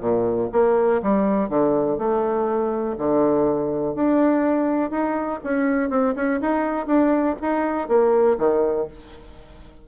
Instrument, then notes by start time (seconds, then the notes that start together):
bassoon
0.00 A#2
0.52 A#3
1.02 G3
1.48 D3
1.98 A3
2.97 D3
3.95 D4
4.90 D#4
5.43 C#4
5.89 C4
6.15 C#4
6.40 D#4
6.87 D4
7.41 D#4
7.88 A#3
8.38 D#3